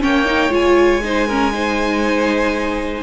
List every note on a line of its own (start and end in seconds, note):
0.00 0.49 A#3
0.00 0.25 C#4
0.00 1.03 C#5
0.00 0.53 G5
0.25 0.50 D#4
0.49 3.01 G#3
0.49 1.00 F4
0.49 3.03 G#5
1.04 1.29 D#4
1.04 1.27 C5
1.27 1.52 C#4
1.27 1.53 A#4
1.52 3.03 D#4
1.52 3.03 C5